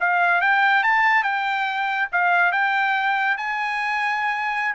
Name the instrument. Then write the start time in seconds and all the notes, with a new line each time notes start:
trumpet
0.00 F5
0.41 G5
0.83 A5
1.23 G5
2.12 F5
2.52 G5
3.37 G#5